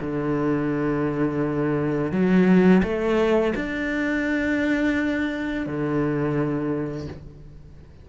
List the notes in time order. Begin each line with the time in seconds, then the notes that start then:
0.00 D3
2.11 F#3
2.83 A3
3.55 D4
5.66 D3